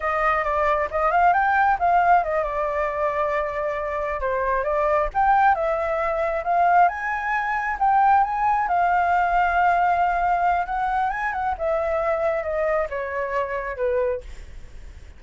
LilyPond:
\new Staff \with { instrumentName = "flute" } { \time 4/4 \tempo 4 = 135 dis''4 d''4 dis''8 f''8 g''4 | f''4 dis''8 d''2~ d''8~ | d''4. c''4 d''4 g''8~ | g''8 e''2 f''4 gis''8~ |
gis''4. g''4 gis''4 f''8~ | f''1 | fis''4 gis''8 fis''8 e''2 | dis''4 cis''2 b'4 | }